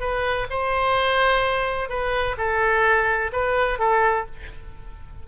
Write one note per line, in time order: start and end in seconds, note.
0.00 0.47 B4
0.50 1.89 C5
1.89 2.36 B4
2.38 3.31 A4
3.32 3.79 B4
3.79 4.25 A4